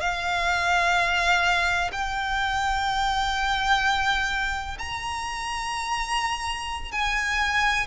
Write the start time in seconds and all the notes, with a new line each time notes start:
0.00 F5
1.92 G5
4.78 A#5
6.91 G#5